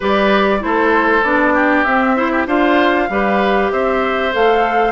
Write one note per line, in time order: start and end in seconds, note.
0.00 0.63 G3
0.00 0.59 G4
0.00 0.60 B4
0.00 0.62 D5
0.59 1.23 A3
0.59 1.21 E4
0.59 1.54 A4
0.59 1.23 C5
1.23 1.85 B3
1.23 1.85 D4
1.23 1.84 D5
1.54 2.15 G4
1.84 2.16 C4
1.84 2.46 C4
1.84 2.45 E5
2.16 2.47 E4
2.16 2.31 C5
2.31 2.47 G4
2.46 3.08 D4
2.46 3.09 F4
2.46 3.09 C5
2.46 3.71 F5
3.09 3.70 G3
3.09 4.32 G4
3.09 3.72 B4
3.71 4.34 C4
3.71 4.91 C5
3.71 4.33 E5
4.32 4.91 A3
4.32 4.91 A4
4.32 4.91 F5